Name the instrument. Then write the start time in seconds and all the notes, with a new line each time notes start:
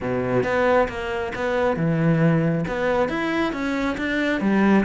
cello
0.00 B2
0.43 B3
0.88 A#3
1.35 B3
1.76 E3
2.67 B3
3.09 E4
3.52 C#4
3.97 D4
4.40 G3